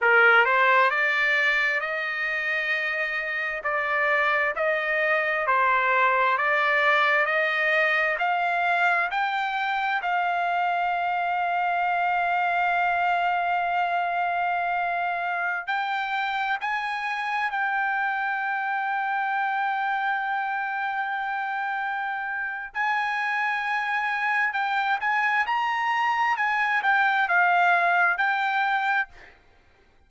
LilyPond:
\new Staff \with { instrumentName = "trumpet" } { \time 4/4 \tempo 4 = 66 ais'8 c''8 d''4 dis''2 | d''4 dis''4 c''4 d''4 | dis''4 f''4 g''4 f''4~ | f''1~ |
f''4~ f''16 g''4 gis''4 g''8.~ | g''1~ | g''4 gis''2 g''8 gis''8 | ais''4 gis''8 g''8 f''4 g''4 | }